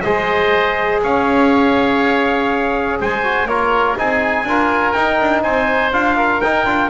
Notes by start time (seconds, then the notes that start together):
0.00 G#3 G#4 C5 D#5
1.02 C#4 C#5 F5
3.00 G#3 C5 G#5
3.23 F#4
3.45 A#3 F4 A#4 C#5
3.96 C4 D#4 G#4 G#5
4.44 D4 F4 A#4
4.91 D#4 G5
5.20 D4
5.42 C4 C5 G#5
5.91 D4 F4 F5
6.16 A#4
6.41 D#4 G5
6.64 D4 F4